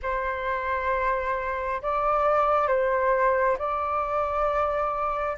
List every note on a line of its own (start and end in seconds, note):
0.02 1.81 C5
1.82 2.67 D5
2.67 3.57 C5
3.58 5.37 D5